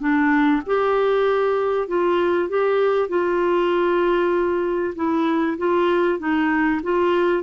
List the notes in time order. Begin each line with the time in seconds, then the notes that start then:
0.00 D4
0.66 G4
1.88 F4
2.49 G4
3.09 F4
4.96 E4
5.58 F4
6.19 D#4
6.83 F4